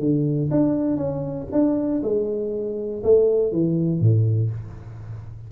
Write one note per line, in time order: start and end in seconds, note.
0.00 0.50 D3
0.51 0.97 D4
0.97 1.47 C#4
1.52 2.02 D4
2.03 3.03 G#3
3.04 3.52 A3
3.52 4.01 E3
4.01 4.51 A2